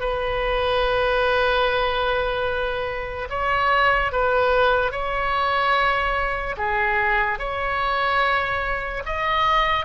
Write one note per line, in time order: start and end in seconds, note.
0.00 3.29 B4
3.30 4.12 C#5
4.12 4.92 B4
4.92 6.56 C#5
6.57 7.39 G#4
7.39 9.03 C#5
9.06 9.86 D#5